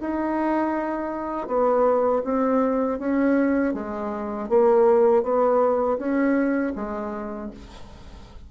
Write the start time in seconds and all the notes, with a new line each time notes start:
0.00 D#4
1.47 B3
2.24 C4
2.99 C#4
3.74 G#3
4.49 A#3
5.23 B3
5.98 C#4
6.75 G#3